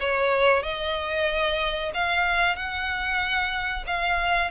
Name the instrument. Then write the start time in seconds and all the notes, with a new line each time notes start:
violin
0.00 C#5
0.63 D#5
1.94 F5
2.56 F#5
3.87 F5